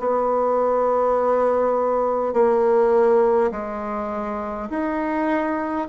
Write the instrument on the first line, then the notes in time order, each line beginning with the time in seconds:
bassoon
0.00 B3
2.34 A#3
3.52 G#3
4.71 D#4